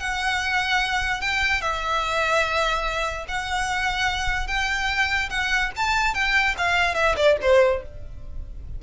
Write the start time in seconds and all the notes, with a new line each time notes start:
0.00 F#5
1.21 G5
1.62 E5
3.29 F#5
4.48 G5
5.30 F#5
5.76 A5
6.14 G5
6.58 F5
6.95 E5
7.17 D5
7.42 C5